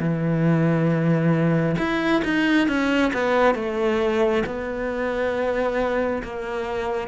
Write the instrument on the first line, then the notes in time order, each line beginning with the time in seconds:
cello
0.00 E3
1.78 E4
2.25 D#4
2.68 C#4
3.13 B3
3.55 A3
4.46 B3
6.24 A#3